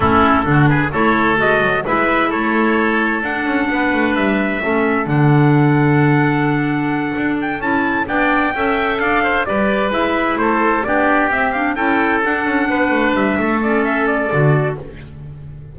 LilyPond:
<<
  \new Staff \with { instrumentName = "trumpet" } { \time 4/4 \tempo 4 = 130 a'4. b'8 cis''4 dis''4 | e''4 cis''2 fis''4~ | fis''4 e''2 fis''4~ | fis''1 |
g''8 a''4 g''2 f''8~ | f''8 d''4 e''4 c''4 d''8~ | d''8 e''8 f''8 g''4 fis''4.~ | fis''8 e''4 d''8 e''8 d''4. | }
  \new Staff \with { instrumentName = "oboe" } { \time 4/4 e'4 fis'8 gis'8 a'2 | b'4 a'2. | b'2 a'2~ | a'1~ |
a'4. d''4 e''4 d''8 | c''8 b'2 a'4 g'8~ | g'4. a'2 b'8~ | b'4 a'2. | }
  \new Staff \with { instrumentName = "clarinet" } { \time 4/4 cis'4 d'4 e'4 fis'4 | e'2. d'4~ | d'2 cis'4 d'4~ | d'1~ |
d'8 e'4 d'4 a'4.~ | a'8 g'4 e'2 d'8~ | d'8 c'8 d'8 e'4 d'4.~ | d'4. cis'4. fis'4 | }
  \new Staff \with { instrumentName = "double bass" } { \time 4/4 a4 d4 a4 gis8 fis8 | gis4 a2 d'8 cis'8 | b8 a8 g4 a4 d4~ | d2.~ d8 d'8~ |
d'8 cis'4 b4 cis'4 d'8~ | d'8 g4 gis4 a4 b8~ | b8 c'4 cis'4 d'8 cis'8 b8 | a8 g8 a2 d4 | }
>>